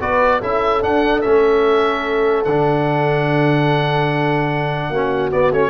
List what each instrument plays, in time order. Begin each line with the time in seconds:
0.00 tuba B3, trombone F#4, horn B4, oboe D5
0.40 tuba C#4, trombone E4, horn A4, oboe E5
0.81 trombone D4, tuba D4, oboe F#5
1.21 tuba A3, trombone C#4, oboe E5
2.45 tuba D3, trombone D4, oboe F#5
4.90 tuba A#3, trombone C#4, horn F#4
5.31 trombone B3, tuba B3, oboe D5
5.52 tuba A3, trombone C#4, oboe C#5